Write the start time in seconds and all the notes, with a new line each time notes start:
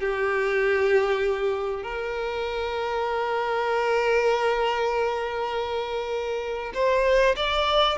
0.00 G4
1.83 A#4
6.74 C5
7.36 D5